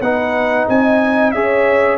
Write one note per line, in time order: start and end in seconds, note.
0.00 0.66 B3
0.00 1.34 D#4
0.00 0.68 B4
0.00 0.67 F#5
0.68 1.34 C4
0.68 1.35 D#5
0.68 1.31 G#5
1.31 1.97 C#4
1.31 1.97 G#4
1.31 1.97 C#5
1.31 1.97 E5